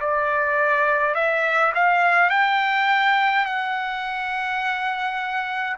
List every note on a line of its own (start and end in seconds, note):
0.00 1.15 D5
1.15 1.73 E5
1.74 2.30 F5
2.30 3.45 G5
3.46 5.76 F#5